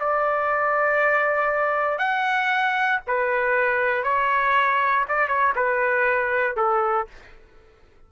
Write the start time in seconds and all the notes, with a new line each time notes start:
0.00 D5
1.99 F#5
3.07 B4
4.04 C#5
5.09 D5
5.28 C#5
5.56 B4
6.57 A4